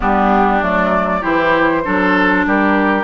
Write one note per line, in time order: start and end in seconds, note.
0.00 0.62 G3
0.00 0.61 B3
0.00 1.20 D4
0.00 0.63 G4
0.61 1.24 F#3
0.61 1.21 A3
0.61 1.23 D5
1.20 1.85 E3
1.20 1.82 E4
1.20 1.82 G4
1.20 2.45 C5
1.84 2.46 F#3
1.84 3.03 D4
1.84 2.46 A4
2.46 3.03 G3
2.46 3.03 G4
2.46 3.03 A#4